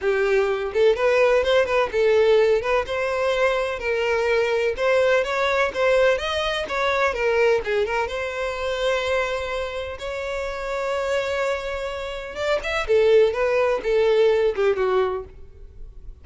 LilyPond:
\new Staff \with { instrumentName = "violin" } { \time 4/4 \tempo 4 = 126 g'4. a'8 b'4 c''8 b'8 | a'4. b'8 c''2 | ais'2 c''4 cis''4 | c''4 dis''4 cis''4 ais'4 |
gis'8 ais'8 c''2.~ | c''4 cis''2.~ | cis''2 d''8 e''8 a'4 | b'4 a'4. g'8 fis'4 | }